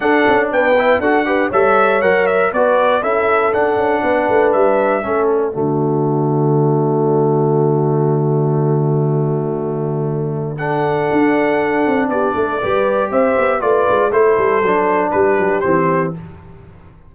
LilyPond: <<
  \new Staff \with { instrumentName = "trumpet" } { \time 4/4 \tempo 4 = 119 fis''4 g''4 fis''4 e''4 | fis''8 e''8 d''4 e''4 fis''4~ | fis''4 e''4. d''4.~ | d''1~ |
d''1~ | d''4 fis''2. | d''2 e''4 d''4 | c''2 b'4 c''4 | }
  \new Staff \with { instrumentName = "horn" } { \time 4/4 a'4 b'4 a'8 b'8 cis''4~ | cis''4 b'4 a'2 | b'2 a'4 fis'4~ | fis'1~ |
fis'1~ | fis'4 a'2. | g'8 a'8 b'4 c''4 b'4 | a'2 g'2 | }
  \new Staff \with { instrumentName = "trombone" } { \time 4/4 d'4. e'8 fis'8 g'8 a'4 | ais'4 fis'4 e'4 d'4~ | d'2 cis'4 a4~ | a1~ |
a1~ | a4 d'2.~ | d'4 g'2 f'4 | e'4 d'2 c'4 | }
  \new Staff \with { instrumentName = "tuba" } { \time 4/4 d'8 cis'8 b4 d'4 g4 | fis4 b4 cis'4 d'8 cis'8 | b8 a8 g4 a4 d4~ | d1~ |
d1~ | d2 d'4. c'8 | b8 a8 g4 c'8 b8 a8 gis8 | a8 g8 fis4 g8 fis8 e4 | }
>>